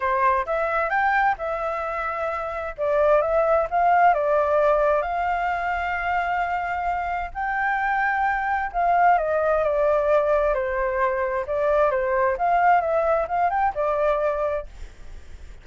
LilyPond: \new Staff \with { instrumentName = "flute" } { \time 4/4 \tempo 4 = 131 c''4 e''4 g''4 e''4~ | e''2 d''4 e''4 | f''4 d''2 f''4~ | f''1 |
g''2. f''4 | dis''4 d''2 c''4~ | c''4 d''4 c''4 f''4 | e''4 f''8 g''8 d''2 | }